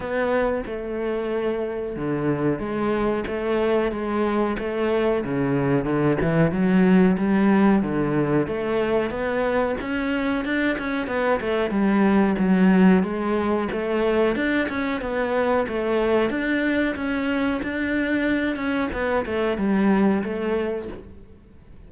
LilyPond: \new Staff \with { instrumentName = "cello" } { \time 4/4 \tempo 4 = 92 b4 a2 d4 | gis4 a4 gis4 a4 | cis4 d8 e8 fis4 g4 | d4 a4 b4 cis'4 |
d'8 cis'8 b8 a8 g4 fis4 | gis4 a4 d'8 cis'8 b4 | a4 d'4 cis'4 d'4~ | d'8 cis'8 b8 a8 g4 a4 | }